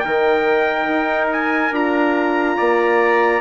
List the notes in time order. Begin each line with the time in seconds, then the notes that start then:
0.00 D#3 D#4 A#4 G5
0.88 D#4
1.32 G#5
1.72 D4 F4 A#5
2.57 A#3 D5